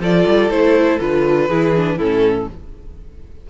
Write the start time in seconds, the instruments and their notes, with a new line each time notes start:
0.00 cello F3, viola F4, violin A4 D5
0.27 cello G3
0.50 cello A3, viola E4, violin C5
1.00 cello D3, viola F4, violin B4
1.48 cello E3, viola E4, violin G#4
1.77 viola D4
1.97 cello A2, viola C#4, violin E4 A4